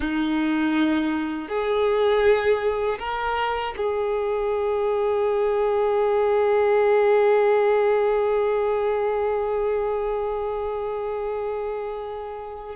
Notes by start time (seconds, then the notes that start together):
0.00 D#4
1.48 G#4
2.99 A#4
3.77 G#4